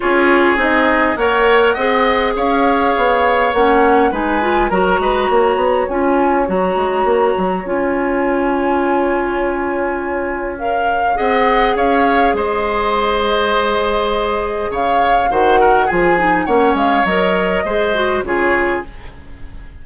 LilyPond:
<<
  \new Staff \with { instrumentName = "flute" } { \time 4/4 \tempo 4 = 102 cis''4 dis''4 fis''2 | f''2 fis''4 gis''4 | ais''2 gis''4 ais''4~ | ais''4 gis''2.~ |
gis''2 f''4 fis''4 | f''4 dis''2.~ | dis''4 f''4 fis''4 gis''4 | fis''8 f''8 dis''2 cis''4 | }
  \new Staff \with { instrumentName = "oboe" } { \time 4/4 gis'2 cis''4 dis''4 | cis''2. b'4 | ais'8 b'8 cis''2.~ | cis''1~ |
cis''2. dis''4 | cis''4 c''2.~ | c''4 cis''4 c''8 ais'8 gis'4 | cis''2 c''4 gis'4 | }
  \new Staff \with { instrumentName = "clarinet" } { \time 4/4 f'4 dis'4 ais'4 gis'4~ | gis'2 cis'4 dis'8 f'8 | fis'2 f'4 fis'4~ | fis'4 f'2.~ |
f'2 ais'4 gis'4~ | gis'1~ | gis'2 fis'4 f'8 dis'8 | cis'4 ais'4 gis'8 fis'8 f'4 | }
  \new Staff \with { instrumentName = "bassoon" } { \time 4/4 cis'4 c'4 ais4 c'4 | cis'4 b4 ais4 gis4 | fis8 gis8 ais8 b8 cis'4 fis8 gis8 | ais8 fis8 cis'2.~ |
cis'2. c'4 | cis'4 gis2.~ | gis4 cis4 dis4 f4 | ais8 gis8 fis4 gis4 cis4 | }
>>